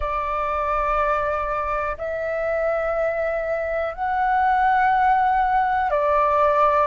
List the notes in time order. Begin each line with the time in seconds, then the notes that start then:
0.00 D5
1.97 E5
3.94 F#5
5.90 D5